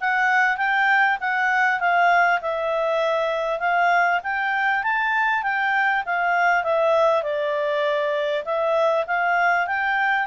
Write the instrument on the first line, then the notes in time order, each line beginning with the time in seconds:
clarinet
0.00 F#5
0.57 G5
1.20 F#5
1.80 F5
2.41 E5
3.60 F5
4.23 G5
4.83 A5
5.42 G5
6.06 F5
6.63 E5
7.23 D5
8.44 E5
9.07 F5
9.67 G5